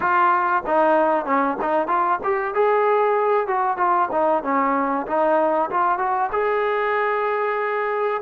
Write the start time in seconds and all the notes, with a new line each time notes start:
0.00 F4
0.66 D#4
1.25 C#4
1.61 D#4
1.87 F4
2.23 G4
2.54 G#4
3.47 F#4
3.77 F4
4.11 D#4
4.43 C#4
5.06 D#4
5.70 F4
5.98 F#4
6.32 G#4